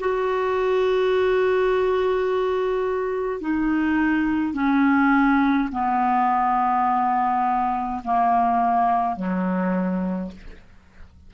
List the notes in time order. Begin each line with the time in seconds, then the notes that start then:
0.00 F#4
3.40 D#4
4.54 C#4
5.72 B3
8.05 A#3
9.16 F#3